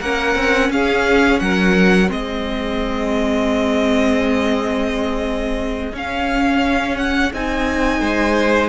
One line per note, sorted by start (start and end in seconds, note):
0.00 0.36 A#3
0.00 2.08 C#4
0.00 0.70 A#4
0.00 0.71 F#5
0.36 0.70 C4
0.70 1.40 C#4
0.70 1.43 G#4
0.70 1.40 F5
1.40 2.11 F#3
1.40 2.12 A#4
1.40 2.09 F#5
2.08 5.92 G#3
2.08 5.92 C4
2.08 8.01 G#4
2.08 5.96 D#5
5.92 7.32 C#4
5.92 7.34 C#4
5.92 6.97 F5
6.97 7.32 F#5
7.33 8.01 C4
7.33 8.70 D#4
7.33 8.70 G#5
8.01 8.70 G#3
8.01 8.70 C5